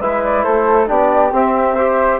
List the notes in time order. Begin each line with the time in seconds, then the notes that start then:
0.00 G#3 E4 B4 E5
0.23 D5
0.43 A3 A4 C5
0.86 B3 D4 G4 D5
1.32 C4 E5
1.75 G4 C5